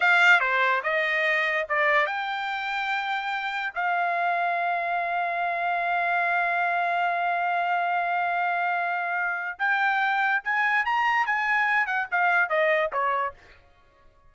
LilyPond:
\new Staff \with { instrumentName = "trumpet" } { \time 4/4 \tempo 4 = 144 f''4 c''4 dis''2 | d''4 g''2.~ | g''4 f''2.~ | f''1~ |
f''1~ | f''2. g''4~ | g''4 gis''4 ais''4 gis''4~ | gis''8 fis''8 f''4 dis''4 cis''4 | }